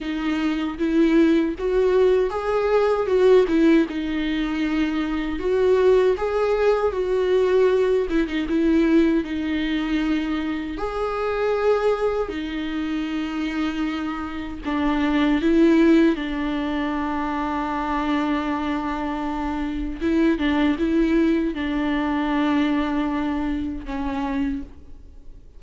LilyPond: \new Staff \with { instrumentName = "viola" } { \time 4/4 \tempo 4 = 78 dis'4 e'4 fis'4 gis'4 | fis'8 e'8 dis'2 fis'4 | gis'4 fis'4. e'16 dis'16 e'4 | dis'2 gis'2 |
dis'2. d'4 | e'4 d'2.~ | d'2 e'8 d'8 e'4 | d'2. cis'4 | }